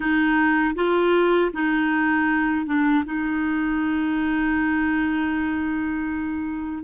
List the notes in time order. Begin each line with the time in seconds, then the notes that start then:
0.00 D#4
0.75 F4
1.53 D#4
2.66 D4
3.05 D#4